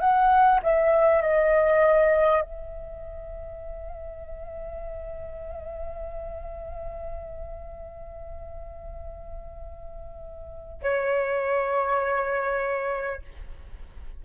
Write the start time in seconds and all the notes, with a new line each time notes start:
0.00 F#5
0.63 E5
1.21 D#5
2.41 E5
10.82 C#5